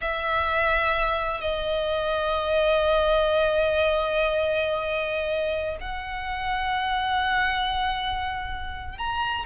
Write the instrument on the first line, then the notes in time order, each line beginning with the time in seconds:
violin
0.01 E5
1.40 D#5
5.80 F#5
8.98 A#5